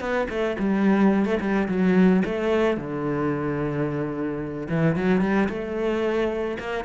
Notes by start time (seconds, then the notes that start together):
0.00 B3
0.29 A3
0.59 G3
1.25 A3
1.40 G3
1.68 F#3
2.25 A3
2.77 D3
4.69 E3
4.96 F#3
5.21 G3
5.49 A3
6.59 A#3